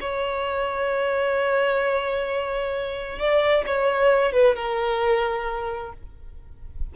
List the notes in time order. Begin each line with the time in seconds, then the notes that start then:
0.00 C#5
3.19 D5
3.66 C#5
4.32 B4
4.55 A#4